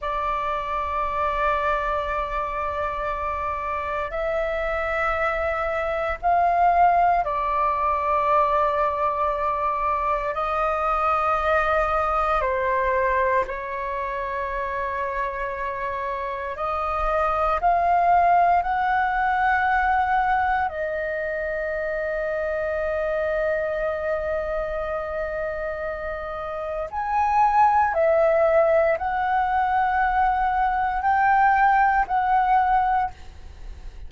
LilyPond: \new Staff \with { instrumentName = "flute" } { \time 4/4 \tempo 4 = 58 d''1 | e''2 f''4 d''4~ | d''2 dis''2 | c''4 cis''2. |
dis''4 f''4 fis''2 | dis''1~ | dis''2 gis''4 e''4 | fis''2 g''4 fis''4 | }